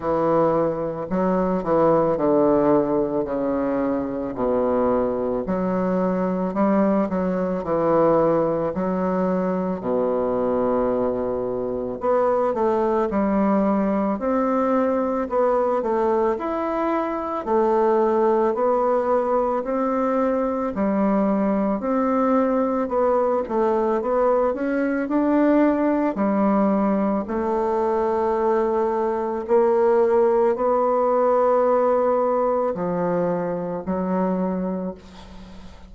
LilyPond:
\new Staff \with { instrumentName = "bassoon" } { \time 4/4 \tempo 4 = 55 e4 fis8 e8 d4 cis4 | b,4 fis4 g8 fis8 e4 | fis4 b,2 b8 a8 | g4 c'4 b8 a8 e'4 |
a4 b4 c'4 g4 | c'4 b8 a8 b8 cis'8 d'4 | g4 a2 ais4 | b2 f4 fis4 | }